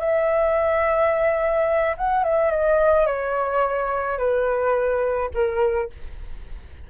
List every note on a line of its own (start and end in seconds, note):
0.00 1.96 E5
1.97 2.24 F#5
2.24 2.51 E5
2.51 3.07 D#5
3.07 4.18 C#5
4.18 5.30 B4
5.34 5.91 A#4